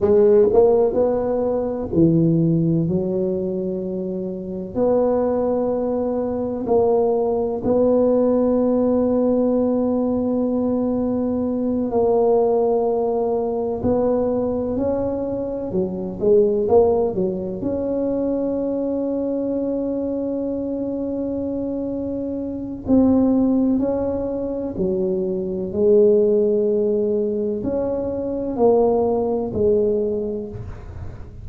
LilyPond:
\new Staff \with { instrumentName = "tuba" } { \time 4/4 \tempo 4 = 63 gis8 ais8 b4 e4 fis4~ | fis4 b2 ais4 | b1~ | b8 ais2 b4 cis'8~ |
cis'8 fis8 gis8 ais8 fis8 cis'4.~ | cis'1 | c'4 cis'4 fis4 gis4~ | gis4 cis'4 ais4 gis4 | }